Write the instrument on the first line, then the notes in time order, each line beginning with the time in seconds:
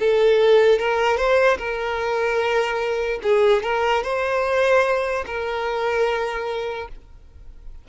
violin
0.00 A4
0.79 A#4
1.18 C5
1.58 A#4
3.23 G#4
3.63 A#4
4.04 C5
5.27 A#4